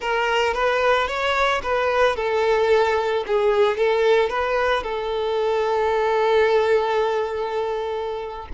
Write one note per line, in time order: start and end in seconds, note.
0.00 0.54 A#4
0.54 1.07 B4
1.07 1.61 C#5
1.62 2.16 B4
2.16 3.24 A4
3.26 3.77 G#4
3.77 4.29 A4
4.29 4.83 B4
4.83 8.48 A4